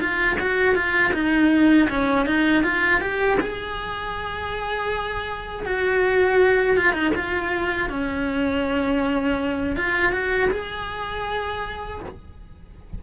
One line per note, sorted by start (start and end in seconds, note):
0.00 0.38 F4
0.40 0.75 F#4
0.75 1.12 F4
1.14 1.89 D#4
1.90 2.27 C#4
2.27 2.64 D#4
2.64 3.01 F4
3.01 3.38 G4
3.41 5.66 G#4
5.66 6.77 F#4
6.77 6.93 F4
6.93 7.12 D#4
7.16 7.90 F4
7.90 9.76 C#4
9.76 10.12 F4
10.12 10.50 F#4
10.51 12.01 G#4